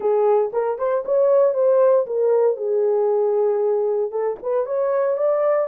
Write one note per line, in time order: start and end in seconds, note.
0.00 0.51 G#4
0.52 0.78 A#4
0.78 1.04 C5
1.05 1.54 C#5
1.54 2.05 C5
2.06 2.56 A#4
2.56 4.11 G#4
4.11 4.37 A4
4.42 4.66 B4
4.66 5.17 C#5
5.17 5.68 D5